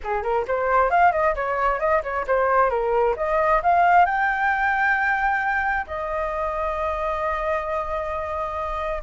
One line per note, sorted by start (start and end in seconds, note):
0.03 0.22 G#4
0.22 0.45 A#4
0.47 0.90 C5
0.90 1.12 F5
1.12 1.34 D#5
1.35 1.79 C#5
1.79 2.02 D#5
2.03 2.25 C#5
2.27 2.70 C5
2.70 3.15 A#4
3.16 3.61 D#5
3.62 4.05 F5
4.05 5.86 G5
5.86 9.02 D#5